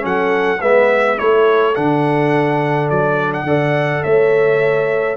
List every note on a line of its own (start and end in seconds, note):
0.00 0.62 F#3
0.00 0.57 C#4
0.00 0.60 A4
0.00 0.62 F#5
0.60 1.19 G#3
0.60 1.18 B3
0.60 1.18 B4
0.60 1.19 E5
1.18 1.77 A3
1.18 1.75 E4
1.18 3.47 A4
1.18 1.75 C#5
1.75 2.91 D3
1.75 3.47 D4
1.75 2.90 F#5
2.90 3.43 F#3
2.90 3.33 D5
3.33 4.03 F#5
3.43 4.01 D3
3.43 5.17 A4
3.43 4.04 D5
4.03 5.17 A3
4.03 5.17 C#5
4.03 5.17 E5